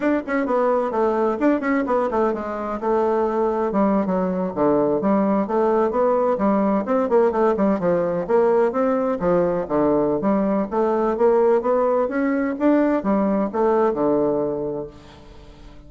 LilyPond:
\new Staff \with { instrumentName = "bassoon" } { \time 4/4 \tempo 4 = 129 d'8 cis'8 b4 a4 d'8 cis'8 | b8 a8 gis4 a2 | g8. fis4 d4 g4 a16~ | a8. b4 g4 c'8 ais8 a16~ |
a16 g8 f4 ais4 c'4 f16~ | f8. d4~ d16 g4 a4 | ais4 b4 cis'4 d'4 | g4 a4 d2 | }